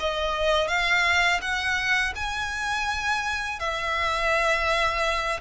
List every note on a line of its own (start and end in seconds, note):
0.00 0.68 D#5
0.68 1.40 F5
1.42 2.14 F#5
2.16 3.60 G#5
3.60 5.41 E5